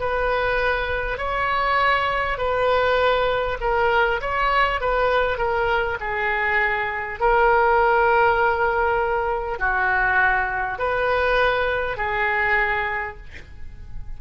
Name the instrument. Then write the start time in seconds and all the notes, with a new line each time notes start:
oboe
0.00 B4
1.18 C#5
2.38 B4
3.61 A#4
4.21 C#5
4.81 B4
5.38 A#4
6.01 G#4
7.19 A#4
9.59 F#4
10.78 B4
11.97 G#4